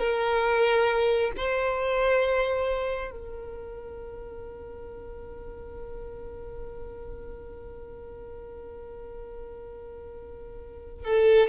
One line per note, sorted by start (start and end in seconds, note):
0.00 1.32 A#4
1.37 3.11 C5
3.11 11.05 A#4
11.05 11.49 A4